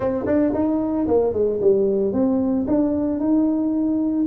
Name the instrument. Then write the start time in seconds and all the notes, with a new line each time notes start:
tuba
0.00 C4
0.26 D4
0.54 D#4
1.07 A#3
1.33 G#3
1.61 G3
2.12 C4
2.67 D4
3.19 D#4